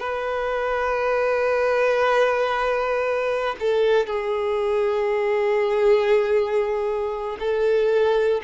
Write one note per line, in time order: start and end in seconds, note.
0.00 3.56 B4
3.60 4.07 A4
4.07 7.37 G#4
7.40 8.42 A4